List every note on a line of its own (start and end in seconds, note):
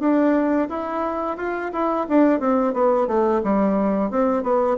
0.00 0.68 D4
0.69 1.37 E4
1.37 1.71 F4
1.73 2.07 E4
2.09 2.40 D4
2.40 2.73 C4
2.73 3.07 B3
3.07 3.42 A3
3.43 4.11 G3
4.11 4.43 C4
4.43 4.77 B3